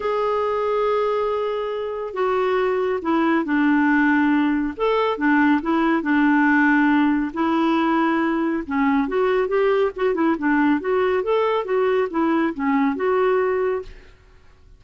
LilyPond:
\new Staff \with { instrumentName = "clarinet" } { \time 4/4 \tempo 4 = 139 gis'1~ | gis'4 fis'2 e'4 | d'2. a'4 | d'4 e'4 d'2~ |
d'4 e'2. | cis'4 fis'4 g'4 fis'8 e'8 | d'4 fis'4 a'4 fis'4 | e'4 cis'4 fis'2 | }